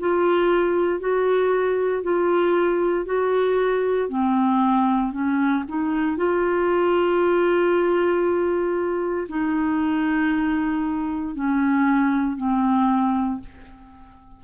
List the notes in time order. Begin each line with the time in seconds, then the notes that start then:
0.00 F4
1.00 F#4
2.03 F4
3.06 F#4
4.09 C4
5.12 C#4
5.68 D#4
6.17 F4
9.29 D#4
11.35 C#4
12.37 C4